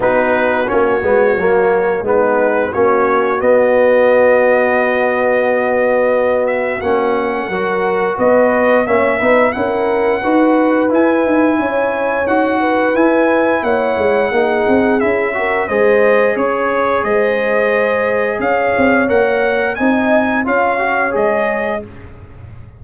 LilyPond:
<<
  \new Staff \with { instrumentName = "trumpet" } { \time 4/4 \tempo 4 = 88 b'4 cis''2 b'4 | cis''4 dis''2.~ | dis''4. e''8 fis''2 | dis''4 e''4 fis''2 |
gis''2 fis''4 gis''4 | fis''2 e''4 dis''4 | cis''4 dis''2 f''4 | fis''4 gis''4 f''4 dis''4 | }
  \new Staff \with { instrumentName = "horn" } { \time 4/4 fis'2. dis'4 | fis'1~ | fis'2. ais'4 | b'4 cis''8 b'8 ais'4 b'4~ |
b'4 cis''4. b'4. | cis''4 gis'4. ais'8 c''4 | cis''4 c''2 cis''4~ | cis''4 dis''4 cis''2 | }
  \new Staff \with { instrumentName = "trombone" } { \time 4/4 dis'4 cis'8 b8 ais4 b4 | cis'4 b2.~ | b2 cis'4 fis'4~ | fis'4 cis'8 dis'8 e'4 fis'4 |
e'2 fis'4 e'4~ | e'4 dis'4 e'8 fis'8 gis'4~ | gis'1 | ais'4 dis'4 f'8 fis'8 gis'4 | }
  \new Staff \with { instrumentName = "tuba" } { \time 4/4 b4 ais8 gis8 fis4 gis4 | ais4 b2.~ | b2 ais4 fis4 | b4 ais8 b8 cis'4 dis'4 |
e'8 dis'8 cis'4 dis'4 e'4 | ais8 gis8 ais8 c'8 cis'4 gis4 | cis'4 gis2 cis'8 c'8 | ais4 c'4 cis'4 gis4 | }
>>